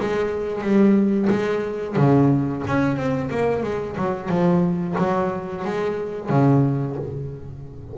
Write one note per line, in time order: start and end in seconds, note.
0.00 0.62 G#3
0.62 1.28 G3
1.30 1.96 G#3
1.96 2.63 C#3
2.68 2.97 C#4
2.97 3.30 C4
3.31 3.63 A#3
3.63 3.96 G#3
3.97 4.29 F#3
4.29 4.96 F3
4.98 5.65 F#3
5.65 6.30 G#3
6.30 6.96 C#3